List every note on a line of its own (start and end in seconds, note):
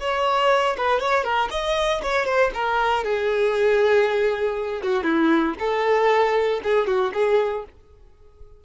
0.00 0.76 C#5
0.77 1.00 B4
1.00 1.24 C#5
1.24 1.49 A#4
1.50 2.01 D#5
2.02 2.25 C#5
2.25 2.51 C5
2.54 3.04 A#4
3.04 4.82 G#4
4.82 5.03 F#4
5.03 5.54 E4
5.59 6.61 A4
6.63 6.86 G#4
6.86 7.12 F#4
7.13 7.64 G#4